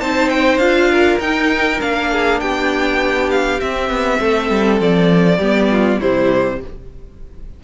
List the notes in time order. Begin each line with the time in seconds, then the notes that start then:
0.00 C4 D#4 C5 A5
0.29 G5
0.57 D4 F4 F5
0.91 A#4
1.19 D#4 G5
1.80 A#3 D4 F5
2.11 G#4
2.40 B3 G4 G5
3.31 F5
3.59 C4 E5
3.89 B3
4.20 A3 A4
4.50 G3
4.80 F3 D5
5.38 G3 B3 G4
5.71 F4
6.00 C3 G3 E4 C5